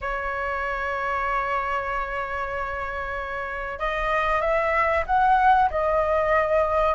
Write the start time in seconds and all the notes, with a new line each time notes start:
0.01 C#5
3.79 D#5
4.41 E5
5.06 F#5
5.70 D#5